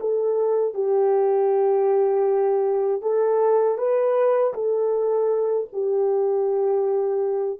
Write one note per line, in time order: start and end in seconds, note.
0.00 0.74 A4
0.74 3.01 G4
3.01 3.77 A4
3.77 4.53 B4
4.54 5.68 A4
5.72 7.59 G4